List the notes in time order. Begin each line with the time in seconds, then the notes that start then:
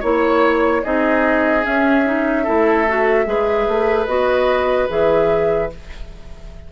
0.00 A#3 E4 C#5
0.84 C4 D#4 G#4 D#5
1.63 C#4 E5
2.06 D#4
2.44 A3 E4 A4
2.88 F#4
3.26 G#3 G#4 B4
3.68 A3
4.06 B3 F#4 D#5
4.89 E3 G#4 E5